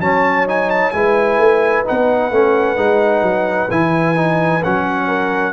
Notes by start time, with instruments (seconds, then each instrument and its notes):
0.00 tuba F#3, trombone C#4, horn C#5, trumpet A5
0.47 trombone D#4, trumpet G#5
0.70 trumpet A5
0.91 tuba G#3, trombone E4, horn B4, trumpet G#5
1.38 tuba A3
1.85 tuba B3, trombone D#4, trumpet F#5
2.31 tuba A3, trombone C#4
2.76 tuba G#3, trombone D#4
3.22 tuba F#3
3.71 tuba E3, trombone E4, trumpet G#5
4.16 trombone D#4
4.63 tuba F#3, trombone C#4, trumpet F#5
5.07 horn A#4